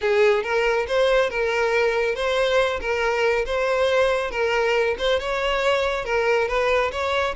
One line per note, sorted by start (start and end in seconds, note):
0.01 0.43 G#4
0.43 0.86 A#4
0.87 1.29 C5
1.29 2.15 A#4
2.15 2.80 C5
2.80 3.45 A#4
3.45 4.30 C5
4.30 4.95 A#4
4.98 5.19 C5
5.19 6.05 C#5
6.05 6.47 A#4
6.47 6.91 B4
6.91 7.34 C#5